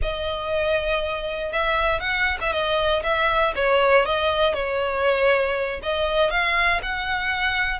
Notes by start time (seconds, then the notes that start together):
0.02 D#5
1.52 E5
2.00 F#5
2.40 E5
2.52 D#5
3.03 E5
3.55 C#5
4.05 D#5
4.54 C#5
5.82 D#5
6.30 F5
6.82 F#5